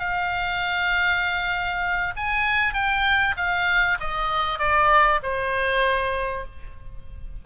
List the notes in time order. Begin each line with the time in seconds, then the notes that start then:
0.00 F5
2.17 G#5
2.74 G5
3.37 F5
4.00 D#5
4.59 D5
5.23 C5